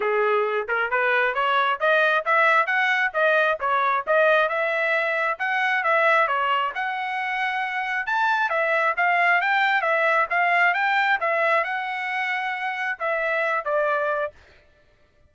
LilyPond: \new Staff \with { instrumentName = "trumpet" } { \time 4/4 \tempo 4 = 134 gis'4. ais'8 b'4 cis''4 | dis''4 e''4 fis''4 dis''4 | cis''4 dis''4 e''2 | fis''4 e''4 cis''4 fis''4~ |
fis''2 a''4 e''4 | f''4 g''4 e''4 f''4 | g''4 e''4 fis''2~ | fis''4 e''4. d''4. | }